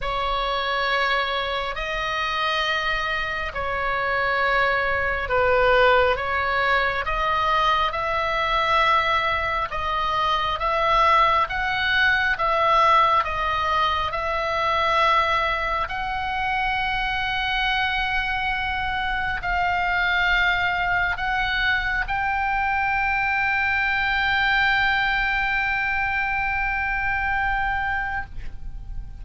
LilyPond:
\new Staff \with { instrumentName = "oboe" } { \time 4/4 \tempo 4 = 68 cis''2 dis''2 | cis''2 b'4 cis''4 | dis''4 e''2 dis''4 | e''4 fis''4 e''4 dis''4 |
e''2 fis''2~ | fis''2 f''2 | fis''4 g''2.~ | g''1 | }